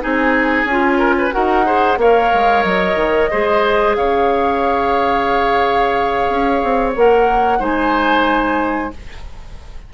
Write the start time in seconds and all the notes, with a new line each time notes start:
0.00 C4 D#4 G#4 G#5
0.64 C#4 F4
0.98 A#4
1.18 B4
1.31 D#4 F#4 A#4 F#5
1.65 G#4 C5
1.97 A#3 A#4 C#5 F5
2.33 G#3
2.63 F#3 D#5
2.95 D#3
3.30 G#3 G#4 C5
3.95 C#3 C#5 F5
6.29 C#4
6.63 C4
6.95 A#3 A#4 F#5
7.59 G#3 D#4 C5 G#5